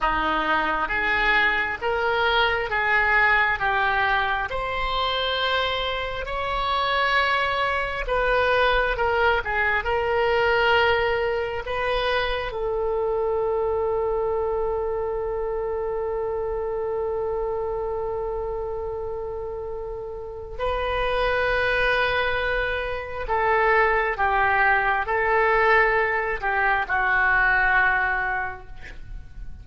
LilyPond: \new Staff \with { instrumentName = "oboe" } { \time 4/4 \tempo 4 = 67 dis'4 gis'4 ais'4 gis'4 | g'4 c''2 cis''4~ | cis''4 b'4 ais'8 gis'8 ais'4~ | ais'4 b'4 a'2~ |
a'1~ | a'2. b'4~ | b'2 a'4 g'4 | a'4. g'8 fis'2 | }